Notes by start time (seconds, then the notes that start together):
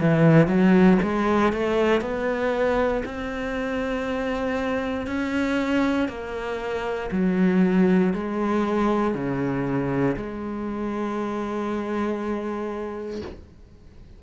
0.00 E3
0.47 F#3
1.02 G#3
1.53 A3
2.02 B3
3.06 C4
5.07 C#4
6.08 A#3
7.12 F#3
8.14 G#3
9.14 C#3
10.16 G#3